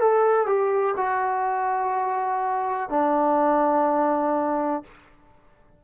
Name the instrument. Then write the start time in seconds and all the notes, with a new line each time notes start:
trombone
0.00 A4
0.47 G4
0.97 F#4
2.90 D4